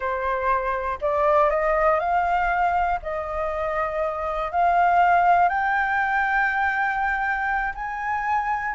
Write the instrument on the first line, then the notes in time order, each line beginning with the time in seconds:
flute
0.00 C5
1.01 D5
1.50 D#5
1.99 F5
3.02 D#5
4.51 F5
5.48 G5
7.75 G#5